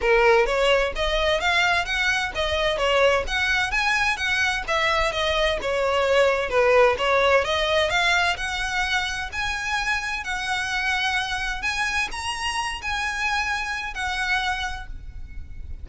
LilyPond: \new Staff \with { instrumentName = "violin" } { \time 4/4 \tempo 4 = 129 ais'4 cis''4 dis''4 f''4 | fis''4 dis''4 cis''4 fis''4 | gis''4 fis''4 e''4 dis''4 | cis''2 b'4 cis''4 |
dis''4 f''4 fis''2 | gis''2 fis''2~ | fis''4 gis''4 ais''4. gis''8~ | gis''2 fis''2 | }